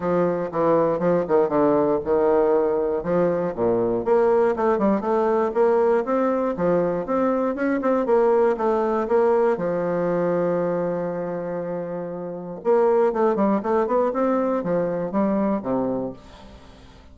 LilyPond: \new Staff \with { instrumentName = "bassoon" } { \time 4/4 \tempo 4 = 119 f4 e4 f8 dis8 d4 | dis2 f4 ais,4 | ais4 a8 g8 a4 ais4 | c'4 f4 c'4 cis'8 c'8 |
ais4 a4 ais4 f4~ | f1~ | f4 ais4 a8 g8 a8 b8 | c'4 f4 g4 c4 | }